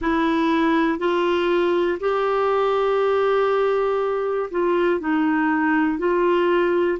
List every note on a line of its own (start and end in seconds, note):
0.01 0.99 E4
0.99 1.99 F4
2.00 4.50 G4
4.50 5.00 F4
5.00 5.98 D#4
5.98 6.98 F4